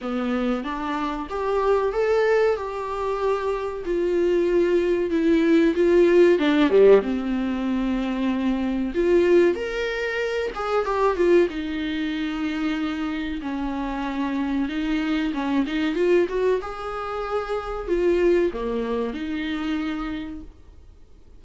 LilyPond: \new Staff \with { instrumentName = "viola" } { \time 4/4 \tempo 4 = 94 b4 d'4 g'4 a'4 | g'2 f'2 | e'4 f'4 d'8 g8 c'4~ | c'2 f'4 ais'4~ |
ais'8 gis'8 g'8 f'8 dis'2~ | dis'4 cis'2 dis'4 | cis'8 dis'8 f'8 fis'8 gis'2 | f'4 ais4 dis'2 | }